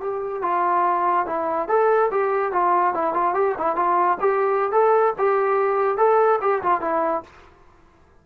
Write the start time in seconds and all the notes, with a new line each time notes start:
0.00 G4
0.42 F4
1.26 E4
1.68 A4
2.11 G4
2.52 F4
2.94 E4
3.14 F4
3.34 G4
3.58 E4
3.76 F4
4.20 G4
4.72 A4
5.18 G4
5.97 A4
6.41 G4
6.63 F4
6.81 E4